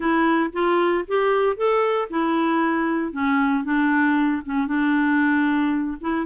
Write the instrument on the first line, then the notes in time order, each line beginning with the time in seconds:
clarinet
0.00 E4
0.52 F4
1.07 G4
1.56 A4
2.10 E4
3.12 C#4
3.64 D4
4.45 C#4
4.67 D4
6.00 E4